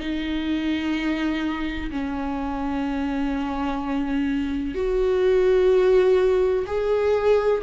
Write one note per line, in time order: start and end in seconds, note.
0.00 1.90 D#4
1.92 4.75 C#4
4.75 6.66 F#4
6.67 7.62 G#4